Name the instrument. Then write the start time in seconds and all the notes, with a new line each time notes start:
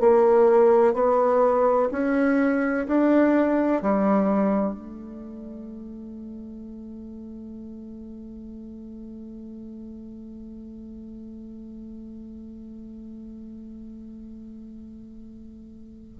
bassoon
0.00 A#3
0.94 B3
1.92 C#4
2.87 D4
3.82 G3
4.74 A3